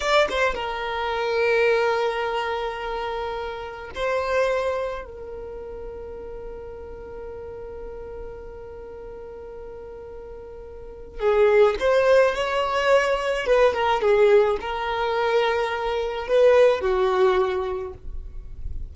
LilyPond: \new Staff \with { instrumentName = "violin" } { \time 4/4 \tempo 4 = 107 d''8 c''8 ais'2.~ | ais'2. c''4~ | c''4 ais'2.~ | ais'1~ |
ais'1 | gis'4 c''4 cis''2 | b'8 ais'8 gis'4 ais'2~ | ais'4 b'4 fis'2 | }